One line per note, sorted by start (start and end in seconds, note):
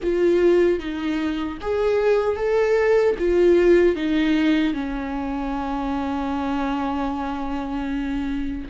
0.03 0.79 F4
0.79 1.58 D#4
1.61 2.36 G#4
2.36 3.15 A4
3.18 3.95 F4
3.95 4.73 D#4
4.73 8.68 C#4